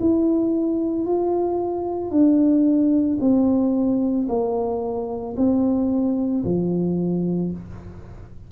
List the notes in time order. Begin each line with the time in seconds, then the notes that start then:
0.00 E4
1.06 F4
2.11 D4
3.20 C4
4.28 A#3
5.37 C4
6.45 F3